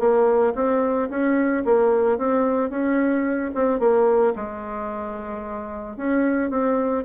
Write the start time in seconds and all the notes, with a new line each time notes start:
0.00 A#3
0.56 C4
1.11 C#4
1.65 A#3
2.18 C4
2.70 C#4
3.55 C4
3.80 A#3
4.36 G#3
5.97 C#4
6.51 C4